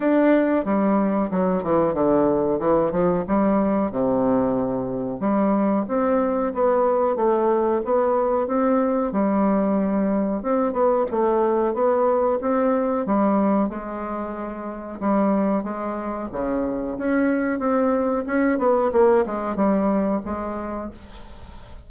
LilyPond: \new Staff \with { instrumentName = "bassoon" } { \time 4/4 \tempo 4 = 92 d'4 g4 fis8 e8 d4 | e8 f8 g4 c2 | g4 c'4 b4 a4 | b4 c'4 g2 |
c'8 b8 a4 b4 c'4 | g4 gis2 g4 | gis4 cis4 cis'4 c'4 | cis'8 b8 ais8 gis8 g4 gis4 | }